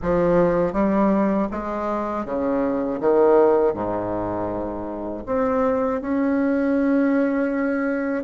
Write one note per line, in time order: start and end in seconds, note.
0.01 0.73 F3
0.73 1.48 G3
1.51 2.25 G#3
2.25 3.00 C#3
3.00 3.73 D#3
3.73 5.23 G#2
5.26 6.01 C4
6.01 8.24 C#4